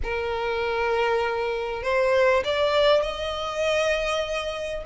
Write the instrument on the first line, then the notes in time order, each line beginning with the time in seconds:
violin
0.03 A#4
1.82 C5
2.44 D5
3.01 D#5